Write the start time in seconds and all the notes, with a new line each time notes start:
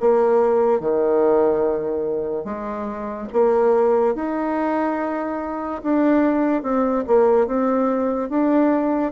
0.00 A#3
0.80 D#3
2.44 G#3
3.33 A#3
4.15 D#4
5.83 D4
6.62 C4
7.07 A#3
7.47 C4
8.30 D4